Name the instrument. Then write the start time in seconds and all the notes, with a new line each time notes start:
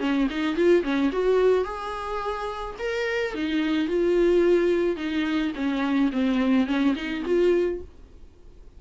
viola
0.00 C#4
0.30 D#4
0.57 F4
0.83 C#4
1.12 F#4
1.65 G#4
2.79 A#4
3.35 D#4
3.88 F4
4.97 D#4
5.56 C#4
6.12 C4
6.67 C#4
6.96 D#4
7.26 F4